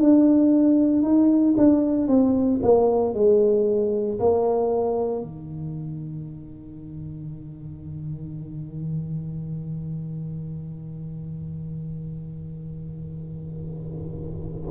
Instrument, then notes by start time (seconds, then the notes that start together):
tuba
0.00 D4
1.02 D#4
1.57 D4
2.08 C4
2.63 A#3
3.14 G#3
4.20 A#3
5.22 D#3